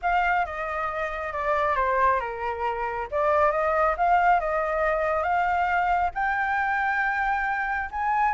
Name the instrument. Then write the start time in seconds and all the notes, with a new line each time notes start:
flute
0.02 F5
0.45 D#5
1.32 D5
1.76 C5
2.20 A#4
3.11 D5
3.51 D#5
3.97 F5
4.39 D#5
5.23 F5
6.14 G5
7.91 G#5